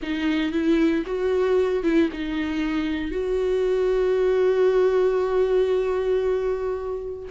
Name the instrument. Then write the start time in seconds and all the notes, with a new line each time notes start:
viola
0.02 D#4
0.52 E4
1.06 F#4
1.83 E4
2.12 D#4
3.11 F#4